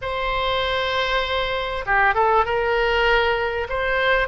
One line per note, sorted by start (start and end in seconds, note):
0.01 1.85 C5
1.86 2.14 G4
2.14 2.45 A4
2.45 3.67 A#4
3.69 4.28 C5